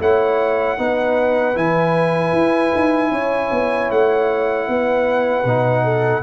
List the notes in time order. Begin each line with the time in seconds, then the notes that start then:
0.00 A3 E4 C#5 F#5
0.78 B3 D#4 B4
1.55 E3 E4 G#5
2.33 E4
2.75 D#4
3.11 C#4 C#5
3.51 B3
3.91 A3 F#5
4.69 B3 B4
5.45 B2 D#4
5.84 A4